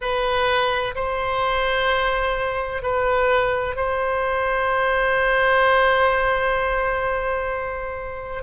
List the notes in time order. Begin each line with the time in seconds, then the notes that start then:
0.01 B4
0.95 C5
2.82 B4
3.76 C5